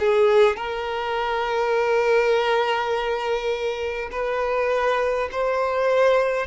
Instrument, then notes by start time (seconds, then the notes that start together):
violin
0.00 G#4
0.57 A#4
4.12 B4
5.32 C5